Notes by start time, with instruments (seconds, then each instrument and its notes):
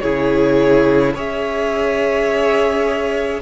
0.00 cello C#3, viola E4, violin G#4 C#5
1.14 cello C#4, viola G#4, violin C#5 E5